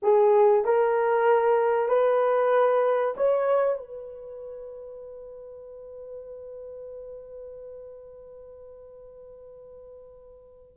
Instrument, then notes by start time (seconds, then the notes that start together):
horn
0.02 G#4
0.64 A#4
1.88 B4
3.16 C#5
3.78 B4